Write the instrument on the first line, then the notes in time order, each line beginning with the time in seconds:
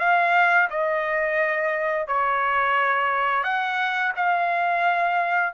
trumpet
0.00 F5
0.71 D#5
2.08 C#5
3.44 F#5
4.16 F5